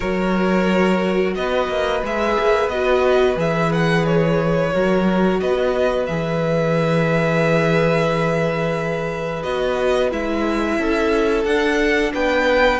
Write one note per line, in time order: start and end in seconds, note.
0.00 1.36 F#3
0.00 2.01 F#4
0.00 1.34 A#4
0.00 1.34 C#5
1.35 1.68 B3
1.35 4.73 B4
1.35 2.02 D#5
1.68 2.01 A#3
2.03 2.37 G#3
2.03 2.70 G#4
2.03 2.68 E5
2.39 2.68 A#3
2.68 3.35 B3
2.68 3.36 F#4
2.68 3.36 D#5
3.36 4.71 E3
3.36 4.71 G#4
3.36 3.72 E5
3.72 4.05 F#5
4.05 5.39 C#5
4.72 5.41 F#3
4.72 6.07 F#4
4.72 5.40 A#4
5.39 6.08 B3
5.39 10.78 B4
5.39 6.06 D#5
6.06 9.44 E3
6.06 9.43 G#4
6.06 9.42 E5
9.42 10.11 B3
9.42 10.10 F#4
9.42 10.10 D#5
10.11 10.78 G#3
10.11 11.45 E4
10.11 11.45 E5
10.78 11.44 C#4
10.78 12.13 A4
11.44 12.11 D4
11.44 12.80 D4
11.44 12.12 F#5
12.14 12.80 B3
12.14 12.80 B4
12.14 12.80 G5